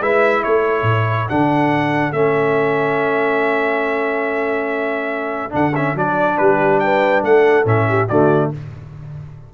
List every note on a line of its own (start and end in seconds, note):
0.00 0.43 G#3
0.00 1.28 E4
0.00 0.44 B4
0.00 0.43 E5
0.43 0.81 A3
0.43 6.40 A4
0.43 1.28 C#5
0.81 1.24 A2
1.28 2.11 D3
1.28 2.13 D4
1.28 2.12 F#5
2.11 5.52 A3
2.11 5.50 C#4
2.11 5.52 E5
5.50 5.94 D3
5.50 5.71 D4
5.50 5.75 F#5
5.75 5.96 C#4
5.75 5.96 E5
5.94 6.37 F#3
5.94 7.64 D4
5.94 6.37 D5
6.37 7.22 G3
6.37 6.82 G4
6.37 6.79 B4
6.79 7.26 B4
6.79 7.22 G5
7.22 7.65 A3
7.22 7.88 A4
7.22 7.66 F#5
7.64 8.07 A2
7.64 8.07 C#4
7.64 8.08 E5
7.88 8.08 G4
8.08 8.52 D3
8.08 8.53 A3
8.08 8.51 F#4
8.08 8.50 D5